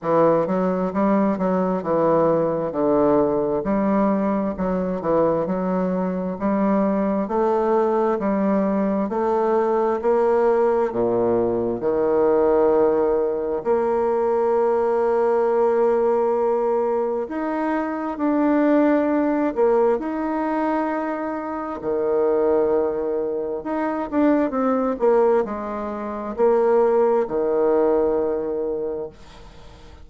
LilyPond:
\new Staff \with { instrumentName = "bassoon" } { \time 4/4 \tempo 4 = 66 e8 fis8 g8 fis8 e4 d4 | g4 fis8 e8 fis4 g4 | a4 g4 a4 ais4 | ais,4 dis2 ais4~ |
ais2. dis'4 | d'4. ais8 dis'2 | dis2 dis'8 d'8 c'8 ais8 | gis4 ais4 dis2 | }